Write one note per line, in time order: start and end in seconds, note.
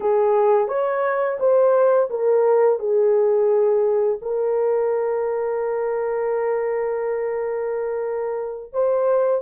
0.00 0.68 G#4
0.68 1.38 C#5
1.39 2.09 C5
2.09 2.79 A#4
2.79 4.18 G#4
4.21 8.72 A#4
8.72 9.42 C5